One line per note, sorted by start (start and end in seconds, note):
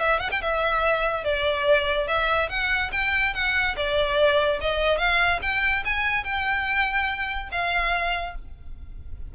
0.00 0.20 E5
0.20 0.30 F#5
0.32 0.42 G5
0.42 1.25 E5
1.25 2.08 D5
2.08 2.50 E5
2.50 2.91 F#5
2.93 3.34 G5
3.34 3.76 F#5
3.77 4.60 D5
4.61 4.98 D#5
4.98 5.40 F5
5.43 5.84 G5
5.85 6.25 G#5
6.25 7.50 G5
7.52 8.36 F5